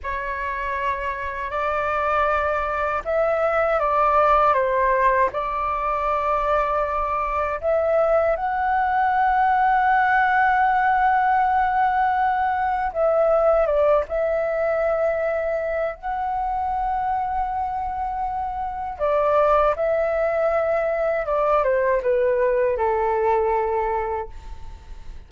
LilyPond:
\new Staff \with { instrumentName = "flute" } { \time 4/4 \tempo 4 = 79 cis''2 d''2 | e''4 d''4 c''4 d''4~ | d''2 e''4 fis''4~ | fis''1~ |
fis''4 e''4 d''8 e''4.~ | e''4 fis''2.~ | fis''4 d''4 e''2 | d''8 c''8 b'4 a'2 | }